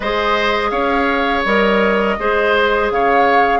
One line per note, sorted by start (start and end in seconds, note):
0.00 0.71 G#3
0.00 1.46 G#4
0.00 0.70 C5
0.00 0.70 D#5
0.70 1.43 C#4
0.70 2.15 C#5
0.70 1.42 F5
1.44 2.17 G3
1.44 2.18 A#4
1.44 2.90 D#5
2.18 2.90 G#3
2.18 3.59 G#4
2.18 2.92 C5
2.90 3.59 C#3
2.90 3.59 C#5
2.90 3.59 F5